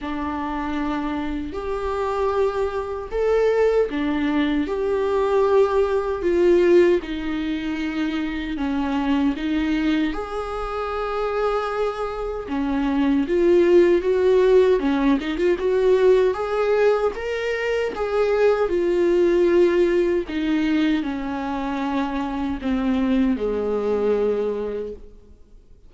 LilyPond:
\new Staff \with { instrumentName = "viola" } { \time 4/4 \tempo 4 = 77 d'2 g'2 | a'4 d'4 g'2 | f'4 dis'2 cis'4 | dis'4 gis'2. |
cis'4 f'4 fis'4 cis'8 dis'16 f'16 | fis'4 gis'4 ais'4 gis'4 | f'2 dis'4 cis'4~ | cis'4 c'4 gis2 | }